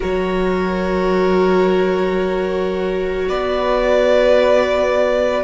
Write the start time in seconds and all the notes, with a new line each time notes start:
0.00 F#3 F#4 A#4 C#5
3.28 B3 B4 D5